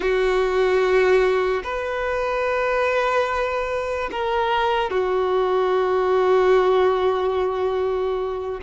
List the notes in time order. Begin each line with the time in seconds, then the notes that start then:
0.00 F#4
1.63 B4
4.11 A#4
4.90 F#4